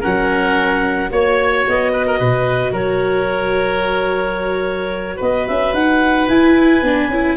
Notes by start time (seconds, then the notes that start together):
0.00 F#3 C#4 A#4 F#5
1.10 A#3 F#4 C#5
1.68 B3 D#5
1.92 B4
2.06 A#4
2.19 B2 B4
2.72 F#3 A#4 C#5
5.16 B3 B4 D#5
5.47 C#4 E5
5.73 D#4 F#5
6.28 E4 G#5
6.82 B3 D4
7.09 C#4 E4